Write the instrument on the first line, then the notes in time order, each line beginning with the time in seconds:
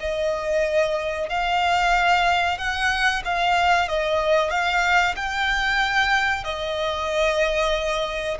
violin
0.00 D#5
1.29 F5
2.58 F#5
3.25 F5
3.88 D#5
4.50 F5
5.16 G5
6.44 D#5